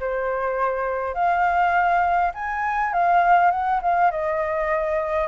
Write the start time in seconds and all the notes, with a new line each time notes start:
0.00 C5
1.14 F5
2.34 G#5
2.93 F5
3.51 F#5
3.82 F5
4.11 D#5